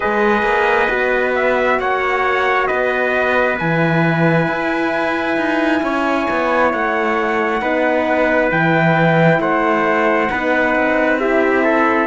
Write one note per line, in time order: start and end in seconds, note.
0.00 0.43 G#3
0.00 0.89 G#4
0.00 1.78 B4
0.00 1.32 D#5
0.43 0.87 A#3
0.89 1.79 B3
0.89 3.58 F#4
1.35 1.79 E5
1.79 2.68 A#3
1.79 2.67 C#5
1.79 2.66 F#5
2.66 3.60 B3
2.66 5.81 B4
2.66 3.56 D#5
3.58 4.47 E3
3.58 7.60 E4
3.58 6.71 G#5
4.47 5.36 E4
5.36 5.81 D#4
5.82 6.27 C#4
5.82 7.61 C#5
6.30 6.73 B3
6.72 7.61 A3
6.72 8.51 F#5
7.60 8.51 B3
7.60 8.50 D#4
7.60 9.40 B4
8.50 9.39 E3
8.50 10.29 E4
8.50 9.40 G5
9.39 10.29 A3
9.39 10.30 C5
9.39 11.19 F#5
10.30 10.75 B3
10.30 11.20 D#4
10.30 11.20 B4
10.75 12.06 C4
11.19 12.06 E4
11.19 11.63 G4
11.19 12.06 E5
11.63 12.06 A4